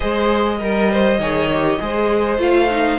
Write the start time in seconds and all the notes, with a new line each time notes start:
0.00 G#3 G#4 C5 D#5
0.58 G3 A#4
0.91 C5
1.18 D#3 G#4 C#5
1.53 G4
1.80 G#3 G#4 C5
2.38 A3 F4 F5
2.70 D#4